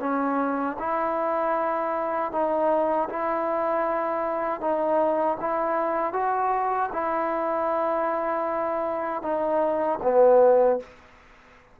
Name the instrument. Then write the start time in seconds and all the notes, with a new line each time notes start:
trombone
0.00 C#4
0.79 E4
2.32 D#4
3.09 E4
4.60 D#4
5.40 E4
6.13 F#4
6.92 E4
9.22 D#4
10.03 B3